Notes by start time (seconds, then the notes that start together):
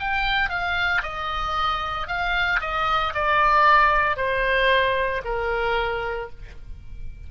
0.00 G5
0.49 F5
1.02 D#5
2.07 F5
2.61 D#5
3.14 D5
4.16 C5
5.24 A#4